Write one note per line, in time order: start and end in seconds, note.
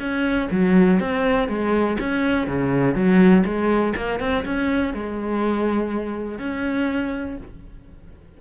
0.00 0.49 C#4
0.51 1.00 F#3
1.00 1.49 C4
1.49 1.98 G#3
2.00 2.47 C#4
2.47 2.95 C#3
2.95 3.44 F#3
3.45 3.95 G#3
3.97 4.20 A#3
4.20 4.45 C4
4.45 4.94 C#4
4.94 6.39 G#3
6.39 7.37 C#4